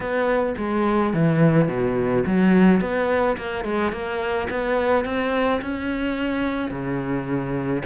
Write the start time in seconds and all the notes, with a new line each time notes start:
0.00 B3
0.57 G#3
1.13 E3
1.68 B2
2.26 F#3
2.80 B3
3.37 A#3
3.64 G#3
3.92 A#3
4.50 B3
5.04 C4
5.61 C#4
6.70 C#3